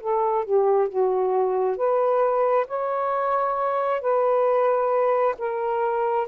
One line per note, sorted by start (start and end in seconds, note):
0.00 0.45 A4
0.45 0.88 G4
0.88 1.77 F#4
1.77 2.66 B4
2.67 4.01 C#5
4.01 5.35 B4
5.38 6.28 A#4